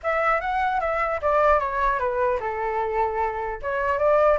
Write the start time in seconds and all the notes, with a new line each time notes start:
0.03 E5
0.40 F#5
0.80 E5
1.21 D5
1.59 C#5
1.99 B4
2.40 A4
3.62 C#5
3.98 D5